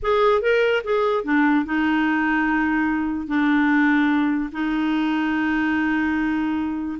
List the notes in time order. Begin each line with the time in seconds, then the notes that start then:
0.02 G#4
0.41 A#4
0.84 G#4
1.23 D4
1.65 D#4
3.27 D4
4.52 D#4